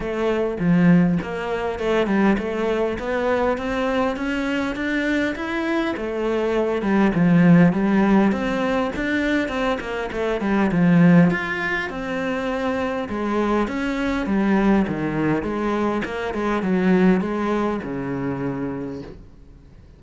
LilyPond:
\new Staff \with { instrumentName = "cello" } { \time 4/4 \tempo 4 = 101 a4 f4 ais4 a8 g8 | a4 b4 c'4 cis'4 | d'4 e'4 a4. g8 | f4 g4 c'4 d'4 |
c'8 ais8 a8 g8 f4 f'4 | c'2 gis4 cis'4 | g4 dis4 gis4 ais8 gis8 | fis4 gis4 cis2 | }